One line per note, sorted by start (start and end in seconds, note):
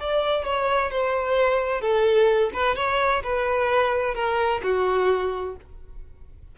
0.00 0.45 D5
0.45 0.91 C#5
0.91 1.81 C5
1.81 2.51 A4
2.53 2.76 B4
2.76 3.23 C#5
3.24 4.15 B4
4.15 4.61 A#4
4.63 5.56 F#4